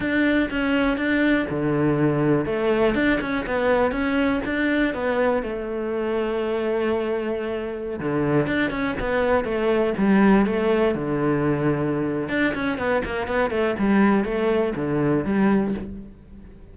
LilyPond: \new Staff \with { instrumentName = "cello" } { \time 4/4 \tempo 4 = 122 d'4 cis'4 d'4 d4~ | d4 a4 d'8 cis'8 b4 | cis'4 d'4 b4 a4~ | a1~ |
a16 d4 d'8 cis'8 b4 a8.~ | a16 g4 a4 d4.~ d16~ | d4 d'8 cis'8 b8 ais8 b8 a8 | g4 a4 d4 g4 | }